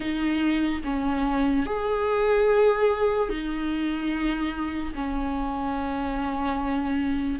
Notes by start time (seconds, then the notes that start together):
0.00 D#4
0.84 C#4
1.66 G#4
3.29 D#4
4.94 C#4